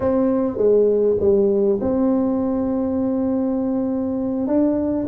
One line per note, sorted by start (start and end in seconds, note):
0.00 0.57 C4
0.57 1.16 G#3
1.19 1.79 G3
1.80 4.47 C4
4.47 5.06 D4